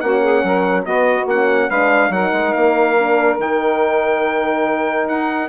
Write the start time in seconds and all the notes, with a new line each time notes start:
0.00 A#3 C#4 F#4 F#5
0.22 G#4
0.43 F#3 A#4
0.83 B3 F#4 D#5
1.26 A#3 C#4 F#5
1.68 G#3 D4 B4 F5
2.09 F#3 D#4 A#4 F#5
2.32 G#3
2.53 A#3 F5
2.99 D4
3.38 D#3 D#4 G5
5.08 D#4 F#5